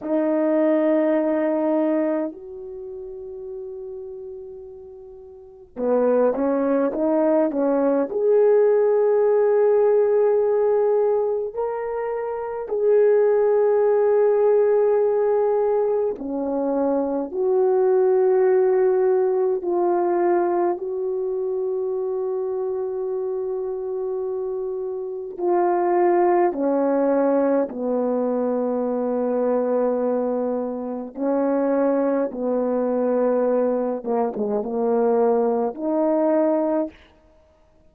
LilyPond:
\new Staff \with { instrumentName = "horn" } { \time 4/4 \tempo 4 = 52 dis'2 fis'2~ | fis'4 b8 cis'8 dis'8 cis'8 gis'4~ | gis'2 ais'4 gis'4~ | gis'2 cis'4 fis'4~ |
fis'4 f'4 fis'2~ | fis'2 f'4 cis'4 | b2. cis'4 | b4. ais16 gis16 ais4 dis'4 | }